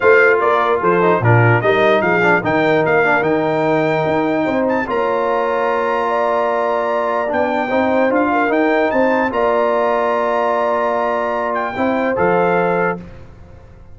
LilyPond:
<<
  \new Staff \with { instrumentName = "trumpet" } { \time 4/4 \tempo 4 = 148 f''4 d''4 c''4 ais'4 | dis''4 f''4 g''4 f''4 | g''2.~ g''8 a''8 | ais''1~ |
ais''2 g''2 | f''4 g''4 a''4 ais''4~ | ais''1~ | ais''8 g''4. f''2 | }
  \new Staff \with { instrumentName = "horn" } { \time 4/4 c''4 ais'4 a'4 f'4 | ais'4 gis'4 ais'2~ | ais'2. c''4 | cis''2. d''4~ |
d''2. c''4~ | c''8 ais'4. c''4 d''4~ | d''1~ | d''4 c''2. | }
  \new Staff \with { instrumentName = "trombone" } { \time 4/4 f'2~ f'8 dis'8 d'4 | dis'4. d'8 dis'4. d'8 | dis'1 | f'1~ |
f'2 d'4 dis'4 | f'4 dis'2 f'4~ | f'1~ | f'4 e'4 a'2 | }
  \new Staff \with { instrumentName = "tuba" } { \time 4/4 a4 ais4 f4 ais,4 | g4 f4 dis4 ais4 | dis2 dis'4 c'4 | ais1~ |
ais2 b4 c'4 | d'4 dis'4 c'4 ais4~ | ais1~ | ais4 c'4 f2 | }
>>